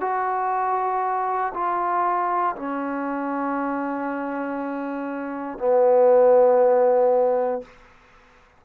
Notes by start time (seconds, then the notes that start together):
0.00 F#4
1.54 F4
2.56 C#4
5.58 B3